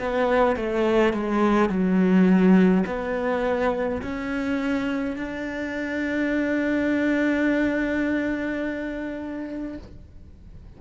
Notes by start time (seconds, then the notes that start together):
0.00 B3
0.57 A3
1.14 G#3
1.69 F#3
2.87 B3
4.02 C#4
5.17 D4